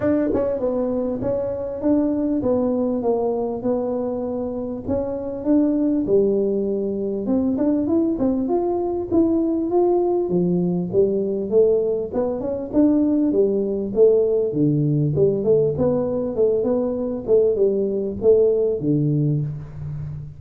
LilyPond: \new Staff \with { instrumentName = "tuba" } { \time 4/4 \tempo 4 = 99 d'8 cis'8 b4 cis'4 d'4 | b4 ais4 b2 | cis'4 d'4 g2 | c'8 d'8 e'8 c'8 f'4 e'4 |
f'4 f4 g4 a4 | b8 cis'8 d'4 g4 a4 | d4 g8 a8 b4 a8 b8~ | b8 a8 g4 a4 d4 | }